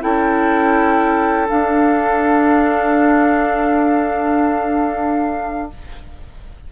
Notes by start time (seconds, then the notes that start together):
0.00 C#4 E4 A4 G5
1.48 D4 F5